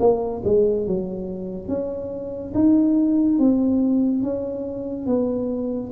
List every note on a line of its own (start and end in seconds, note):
0.00 0.42 A#3
0.45 0.87 G#3
0.87 1.69 F#3
1.69 2.53 C#4
2.55 3.39 D#4
3.39 4.23 C4
4.23 5.07 C#4
5.07 5.92 B3